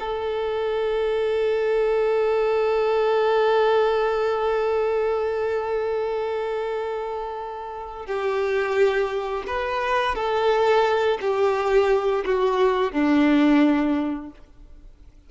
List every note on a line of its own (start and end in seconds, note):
0.00 8.06 A4
8.06 9.44 G4
9.47 10.15 B4
10.15 11.18 A4
11.21 12.25 G4
12.26 12.92 F#4
12.92 14.30 D4